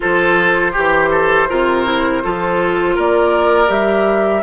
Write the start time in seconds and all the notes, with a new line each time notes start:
0.00 F3 F4 A4 C5
0.72 E3 G4
1.11 A4
1.49 C3 F4 A#4
1.85 E4
2.23 F3 F4 A4
2.95 A#3 A#4 D5
3.67 G3 G4 E5